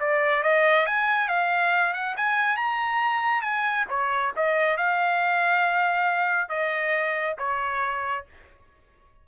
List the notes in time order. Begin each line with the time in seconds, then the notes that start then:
0.00 D5
0.43 D#5
0.87 G#5
1.29 F5
1.94 F#5
2.17 G#5
2.57 A#5
3.42 G#5
3.89 C#5
4.37 D#5
4.77 F5
6.50 D#5
7.39 C#5